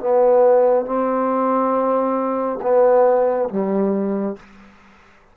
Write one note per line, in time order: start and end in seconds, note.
0.00 0.85 B3
0.85 2.59 C4
2.62 3.49 B3
3.49 4.36 G3